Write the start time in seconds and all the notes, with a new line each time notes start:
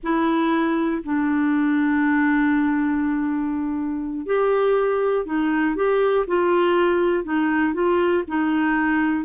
0.03 E4
1.03 D4
4.26 G4
5.25 D#4
5.75 G4
6.27 F4
7.23 D#4
7.73 F4
8.27 D#4